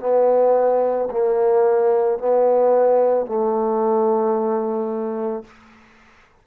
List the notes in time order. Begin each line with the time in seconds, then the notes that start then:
0.00 B3
1.11 A#3
2.19 B3
3.26 A3